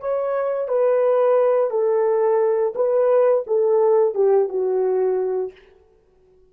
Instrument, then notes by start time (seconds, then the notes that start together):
horn
0.00 C#5
0.68 B4
1.70 A4
2.75 B4
3.47 A4
4.14 G4
4.49 F#4